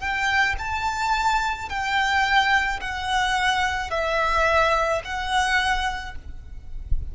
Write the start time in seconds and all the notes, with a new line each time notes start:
0.00 G5
0.59 A5
1.69 G5
2.81 F#5
3.90 E5
5.05 F#5